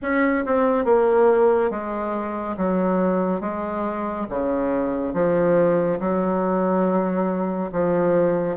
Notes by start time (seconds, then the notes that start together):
0.02 C#4
0.45 C4
0.85 A#3
1.70 G#3
2.57 F#3
3.41 G#3
4.29 C#3
5.13 F3
5.99 F#3
7.72 F3